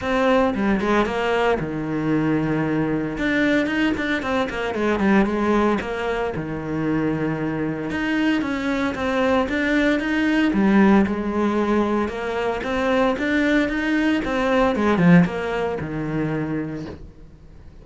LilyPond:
\new Staff \with { instrumentName = "cello" } { \time 4/4 \tempo 4 = 114 c'4 g8 gis8 ais4 dis4~ | dis2 d'4 dis'8 d'8 | c'8 ais8 gis8 g8 gis4 ais4 | dis2. dis'4 |
cis'4 c'4 d'4 dis'4 | g4 gis2 ais4 | c'4 d'4 dis'4 c'4 | gis8 f8 ais4 dis2 | }